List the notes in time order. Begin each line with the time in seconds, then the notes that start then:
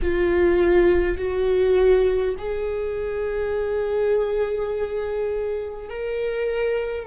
0.02 F4
1.17 F#4
2.37 G#4
5.89 A#4